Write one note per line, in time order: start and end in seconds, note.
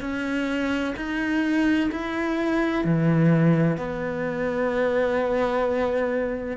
0.00 0.94 C#4
0.96 1.90 D#4
1.91 2.84 E4
2.84 3.77 E3
3.77 6.57 B3